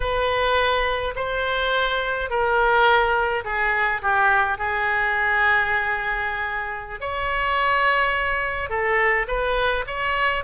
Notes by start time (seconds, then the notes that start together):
0.00 B4
1.15 C5
2.29 A#4
3.44 G#4
4.02 G4
4.58 G#4
7.00 C#5
8.69 A4
9.27 B4
9.86 C#5